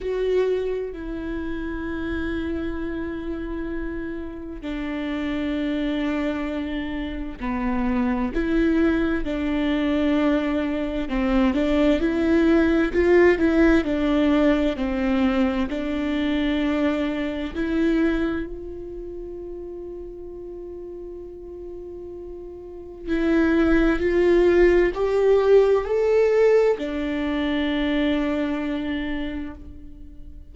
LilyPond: \new Staff \with { instrumentName = "viola" } { \time 4/4 \tempo 4 = 65 fis'4 e'2.~ | e'4 d'2. | b4 e'4 d'2 | c'8 d'8 e'4 f'8 e'8 d'4 |
c'4 d'2 e'4 | f'1~ | f'4 e'4 f'4 g'4 | a'4 d'2. | }